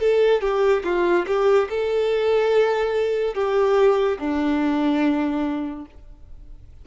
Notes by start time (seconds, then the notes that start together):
0.00 A4
0.41 G4
0.84 F4
1.27 G4
1.70 A4
3.35 G4
4.19 D4